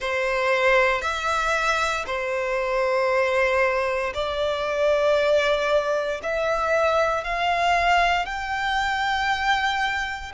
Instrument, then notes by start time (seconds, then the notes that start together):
violin
0.00 C5
1.01 E5
2.06 C5
4.14 D5
6.23 E5
7.24 F5
8.25 G5